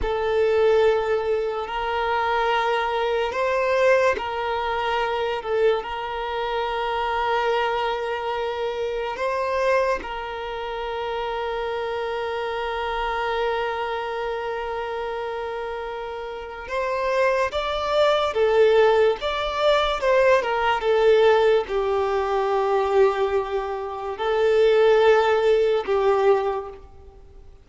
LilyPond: \new Staff \with { instrumentName = "violin" } { \time 4/4 \tempo 4 = 72 a'2 ais'2 | c''4 ais'4. a'8 ais'4~ | ais'2. c''4 | ais'1~ |
ais'1 | c''4 d''4 a'4 d''4 | c''8 ais'8 a'4 g'2~ | g'4 a'2 g'4 | }